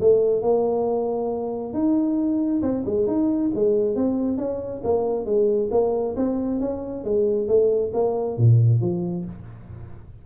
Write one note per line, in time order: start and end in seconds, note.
0.00 0.42 A3
0.42 1.73 A#3
1.73 2.61 D#4
2.62 2.84 C4
2.86 3.07 G#3
3.07 3.51 D#4
3.55 3.95 G#3
3.95 4.38 C4
4.38 4.82 C#4
4.84 5.25 A#3
5.25 5.69 G#3
5.71 6.15 A#3
6.16 6.60 C4
6.60 7.04 C#4
7.04 7.48 G#3
7.48 7.92 A3
7.93 8.37 A#3
8.37 8.81 A#2
8.81 9.25 F3